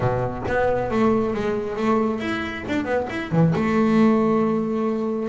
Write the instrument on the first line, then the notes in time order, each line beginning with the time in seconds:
double bass
0.00 B2
0.47 B3
0.90 A3
1.34 G#3
1.76 A3
2.20 E4
2.68 D4
2.85 B3
3.09 E4
3.31 E3
3.55 A3